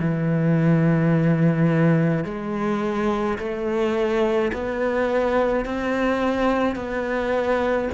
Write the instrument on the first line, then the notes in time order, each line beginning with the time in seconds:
cello
0.00 E3
2.25 G#3
3.39 A3
4.53 B3
5.66 C4
6.76 B3